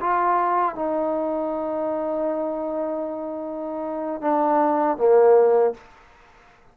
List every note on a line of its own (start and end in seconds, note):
0.00 0.75 F4
0.75 4.21 D#4
4.21 4.97 D4
4.97 5.74 A#3